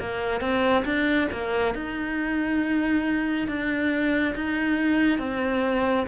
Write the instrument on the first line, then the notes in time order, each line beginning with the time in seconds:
cello
0.00 A#3
0.41 C4
0.85 D4
1.32 A#3
1.75 D#4
3.48 D4
4.35 D#4
5.19 C4